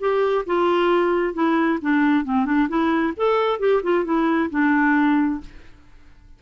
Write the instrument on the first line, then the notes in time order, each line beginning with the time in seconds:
clarinet
0.00 G4
0.47 F4
1.34 E4
1.81 D4
2.25 C4
2.46 D4
2.69 E4
3.17 A4
3.59 G4
3.83 F4
4.05 E4
4.51 D4